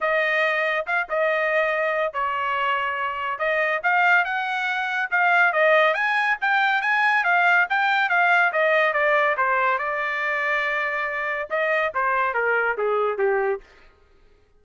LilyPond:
\new Staff \with { instrumentName = "trumpet" } { \time 4/4 \tempo 4 = 141 dis''2 f''8 dis''4.~ | dis''4 cis''2. | dis''4 f''4 fis''2 | f''4 dis''4 gis''4 g''4 |
gis''4 f''4 g''4 f''4 | dis''4 d''4 c''4 d''4~ | d''2. dis''4 | c''4 ais'4 gis'4 g'4 | }